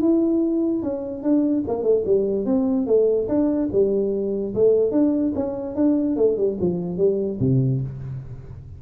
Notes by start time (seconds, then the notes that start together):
0.00 E4
0.82 C#4
1.23 D4
1.67 A#3
1.83 A3
2.05 G3
2.45 C4
2.86 A3
3.28 D4
3.72 G3
4.54 A3
4.91 D4
5.35 C#4
5.75 D4
6.16 A3
6.36 G3
6.60 F3
6.97 G3
7.39 C3